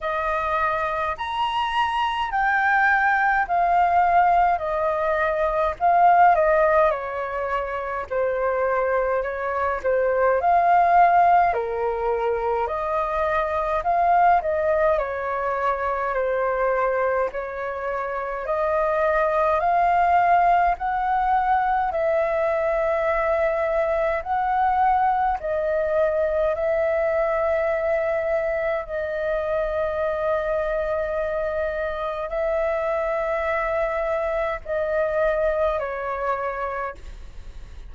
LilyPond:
\new Staff \with { instrumentName = "flute" } { \time 4/4 \tempo 4 = 52 dis''4 ais''4 g''4 f''4 | dis''4 f''8 dis''8 cis''4 c''4 | cis''8 c''8 f''4 ais'4 dis''4 | f''8 dis''8 cis''4 c''4 cis''4 |
dis''4 f''4 fis''4 e''4~ | e''4 fis''4 dis''4 e''4~ | e''4 dis''2. | e''2 dis''4 cis''4 | }